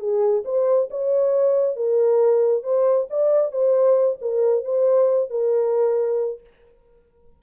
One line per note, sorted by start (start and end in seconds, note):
0.00 0.44 G#4
0.46 0.90 C5
0.91 1.77 C#5
1.77 2.64 A#4
2.64 3.08 C5
3.11 3.52 D5
3.52 4.18 C5
4.22 4.65 A#4
4.65 5.31 C5
5.31 6.41 A#4